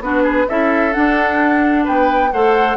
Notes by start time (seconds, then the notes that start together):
0.00 B3 D4 F#4 B4
0.23 G#4
0.48 C#4 E4 A4 E5
0.92 D4 F#5
1.84 B3 B4 G5
2.32 A3 A4 C5 F#5